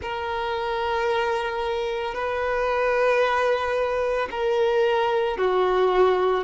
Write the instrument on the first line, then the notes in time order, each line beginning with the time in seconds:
violin
0.01 A#4
2.14 B4
4.31 A#4
5.37 F#4